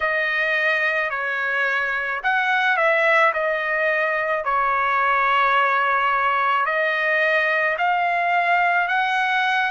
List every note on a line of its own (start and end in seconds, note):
0.00 1.10 D#5
1.10 2.21 C#5
2.23 2.76 F#5
2.76 3.32 E5
3.33 4.44 D#5
4.44 6.65 C#5
6.65 7.76 D#5
7.78 8.88 F5
8.88 9.70 F#5